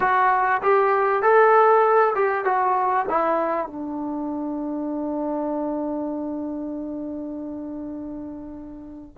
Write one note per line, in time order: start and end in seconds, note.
0.00 0.61 F#4
0.62 1.22 G4
1.22 2.14 A4
2.15 2.44 G4
2.44 3.06 F#4
3.09 3.67 E4
3.67 9.17 D4